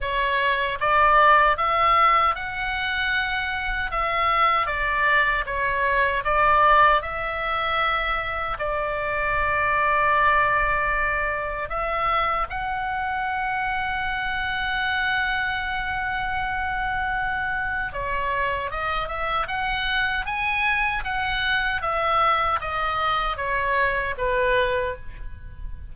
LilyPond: \new Staff \with { instrumentName = "oboe" } { \time 4/4 \tempo 4 = 77 cis''4 d''4 e''4 fis''4~ | fis''4 e''4 d''4 cis''4 | d''4 e''2 d''4~ | d''2. e''4 |
fis''1~ | fis''2. cis''4 | dis''8 e''8 fis''4 gis''4 fis''4 | e''4 dis''4 cis''4 b'4 | }